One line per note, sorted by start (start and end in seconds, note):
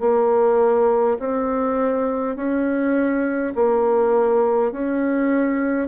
0.00 1.18 A#3
1.19 2.36 C4
2.36 3.54 C#4
3.55 4.72 A#3
4.72 5.88 C#4